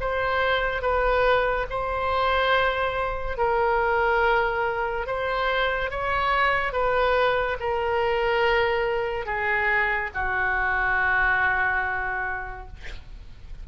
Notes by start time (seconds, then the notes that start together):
0.00 C5
0.81 B4
1.69 C5
3.37 A#4
5.06 C5
5.90 C#5
6.72 B4
7.60 A#4
9.25 G#4
10.14 F#4